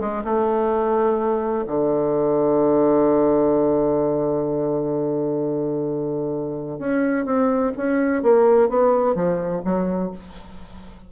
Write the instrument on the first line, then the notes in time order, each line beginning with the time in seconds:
bassoon
0.00 G#3
0.24 A3
1.67 D3
6.79 C#4
7.25 C4
7.77 C#4
8.23 A#3
8.69 B3
9.15 F3
9.65 F#3